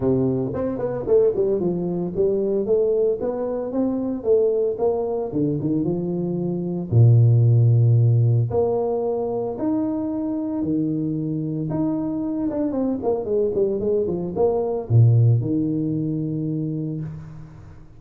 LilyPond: \new Staff \with { instrumentName = "tuba" } { \time 4/4 \tempo 4 = 113 c4 c'8 b8 a8 g8 f4 | g4 a4 b4 c'4 | a4 ais4 d8 dis8 f4~ | f4 ais,2. |
ais2 dis'2 | dis2 dis'4. d'8 | c'8 ais8 gis8 g8 gis8 f8 ais4 | ais,4 dis2. | }